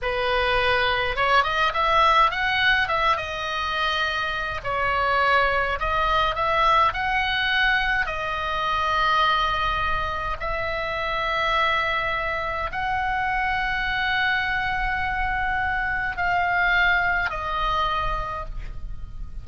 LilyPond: \new Staff \with { instrumentName = "oboe" } { \time 4/4 \tempo 4 = 104 b'2 cis''8 dis''8 e''4 | fis''4 e''8 dis''2~ dis''8 | cis''2 dis''4 e''4 | fis''2 dis''2~ |
dis''2 e''2~ | e''2 fis''2~ | fis''1 | f''2 dis''2 | }